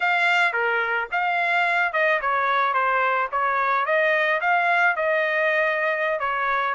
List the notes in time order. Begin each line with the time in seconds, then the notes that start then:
0.00 F5
0.53 A#4
1.11 F5
1.92 D#5
2.21 C#5
2.73 C5
3.31 C#5
3.85 D#5
4.40 F5
4.96 D#5
6.19 C#5